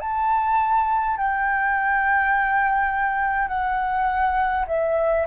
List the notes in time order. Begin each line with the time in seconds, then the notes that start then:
0.00 A5
1.17 G5
3.48 F#5
4.67 E5